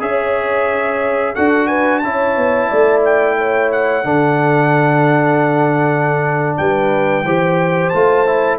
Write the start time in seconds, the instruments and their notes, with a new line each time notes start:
0.00 tuba C#4, trombone G#4, horn C#5, trumpet E5
1.35 tuba D4, trombone F#4, horn A4, trumpet F#5
1.67 horn B4, trumpet G#5
1.99 tuba C#4, trombone E4, horn C#5, trumpet A5
2.37 tuba B3
2.69 tuba A3, horn D5
3.05 trumpet G5
3.38 horn C#5
3.72 trumpet F#5
4.04 tuba D3, trombone D4, horn A4
6.57 tuba G3, horn B4, trumpet G5
7.24 tuba E3, trombone G4, horn C5
7.89 tuba A3, trombone F4, trumpet A5
8.27 trombone E4